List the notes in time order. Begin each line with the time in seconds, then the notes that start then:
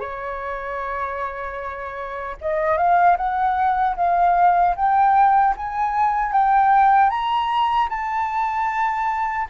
0.00 C#5
2.41 D#5
2.77 F5
3.17 F#5
3.97 F5
4.76 G5
5.57 G#5
6.33 G5
7.10 A#5
7.89 A5